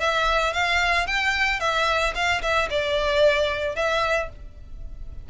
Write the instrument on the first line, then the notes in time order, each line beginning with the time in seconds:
violin
0.00 E5
0.54 F5
1.07 G5
1.60 E5
2.15 F5
2.42 E5
2.70 D5
3.76 E5